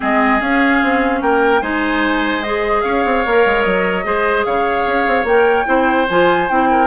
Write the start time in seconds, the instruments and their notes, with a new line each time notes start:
0.00 bassoon G#3, clarinet C4, oboe G#4, flute D#5
0.39 clarinet C#4, bassoon C#4, flute F5
0.82 bassoon C4
1.21 bassoon A#3, oboe A#4, flute G5
1.61 bassoon G#3, clarinet D#4, oboe C5, flute G#5
2.42 clarinet G#4, flute D#5
2.81 bassoon C#4, oboe C#5, flute F5
3.05 bassoon C4
3.26 bassoon A#3, clarinet A#4
3.45 bassoon G#3
3.62 bassoon F#3, flute D#5
4.03 bassoon G#3, clarinet G#4, oboe C5
4.44 bassoon C#3, oboe C#5, flute F5
4.86 bassoon C#4
5.07 bassoon C4
5.24 bassoon A#3, clarinet A#4, flute G5
5.65 bassoon C4, clarinet E4, oboe C5
6.09 bassoon F3, clarinet F4, flute G#5
6.49 bassoon C4, clarinet E4, flute G5
6.70 oboe A#4